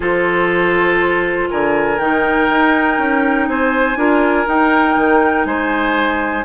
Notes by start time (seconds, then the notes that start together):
0.00 F3 F4 A4 C5
1.49 D3 A#4 G#5
1.98 D#3 D#4 G5
2.49 D#4
2.98 C#4
3.47 C4 C5 G#5
3.96 D4 F4 A#4
4.45 D#4 G5
4.96 D#3
5.45 G#3 C5 G#5